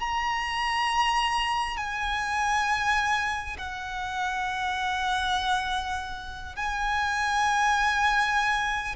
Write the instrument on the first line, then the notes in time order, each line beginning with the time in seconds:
violin
0.00 A#5
1.77 G#5
3.58 F#5
6.56 G#5